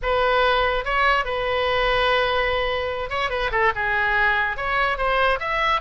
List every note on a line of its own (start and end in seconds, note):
0.02 0.84 B4
0.84 1.24 C#5
1.24 3.09 B4
3.09 3.30 C#5
3.30 3.50 B4
3.51 3.72 A4
3.75 4.56 G#4
4.56 4.97 C#5
4.97 5.39 C5
5.39 5.80 E5